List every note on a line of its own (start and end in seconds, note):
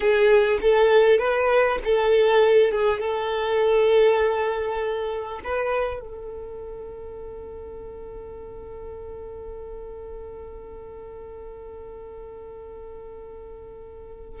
0.00 0.58 G#4
0.61 1.18 A4
1.18 1.78 B4
1.84 2.71 A4
2.71 3.00 G#4
3.00 5.40 A4
5.44 6.00 B4
6.00 14.40 A4